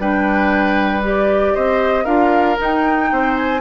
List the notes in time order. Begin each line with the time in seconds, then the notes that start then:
0.00 G3 D4 B4 G5
1.03 G4 D5
1.55 C4 C5 D#5
2.05 D4 F4 A#4 F5
2.58 D#4 G5
3.12 C4 C5
3.36 G#5